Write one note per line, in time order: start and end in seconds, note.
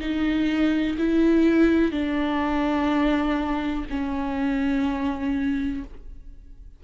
0.00 0.97 D#4
0.98 1.91 E4
1.91 3.85 D4
3.90 5.84 C#4